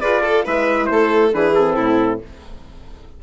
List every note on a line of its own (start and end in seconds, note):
0.00 0.47 F4
0.00 0.21 G#4
0.00 0.23 B4
0.00 0.44 D5
0.21 0.43 A4
0.21 0.45 A4
0.44 0.90 G#3
0.44 1.32 E4
0.44 0.89 B4
0.44 0.86 E5
0.86 1.33 A3
0.86 1.29 C5
0.93 1.35 A4
1.33 1.77 E3
1.33 1.55 D4
1.33 1.76 G#4
1.33 1.54 B4
1.54 2.23 C4
1.54 2.20 A4
1.76 2.21 A2
1.76 2.20 E4